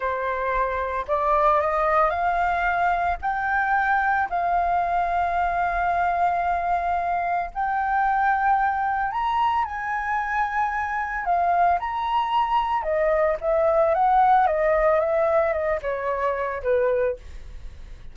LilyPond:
\new Staff \with { instrumentName = "flute" } { \time 4/4 \tempo 4 = 112 c''2 d''4 dis''4 | f''2 g''2 | f''1~ | f''2 g''2~ |
g''4 ais''4 gis''2~ | gis''4 f''4 ais''2 | dis''4 e''4 fis''4 dis''4 | e''4 dis''8 cis''4. b'4 | }